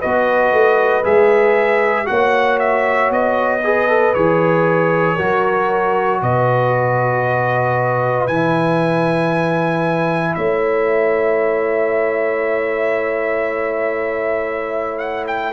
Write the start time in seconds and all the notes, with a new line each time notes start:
0.00 B3 F#4 B4 D#5
0.53 A3
1.04 G#3 G#4 E5
2.06 A#3 F#4 C#5 F#5
2.60 E5
3.11 B3 D#5
3.64 G#4 B4
3.89 A4
4.14 E3 G#4 C#5
5.16 F#3 F#4 A#4
6.22 B2 B4 D#5
8.28 E3 E4 G#5
10.35 A3 C#5 E5
14.99 F#5
15.28 G5